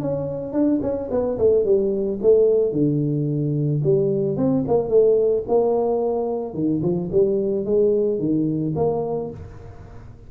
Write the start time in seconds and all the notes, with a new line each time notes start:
0.00 C#4
0.53 D4
0.82 C#4
1.11 B3
1.38 A3
1.64 G3
2.22 A3
2.72 D3
3.83 G3
4.37 C4
4.67 A#3
4.89 A3
5.48 A#3
6.54 D#3
6.82 F3
7.11 G3
7.65 G#3
8.19 D#3
8.75 A#3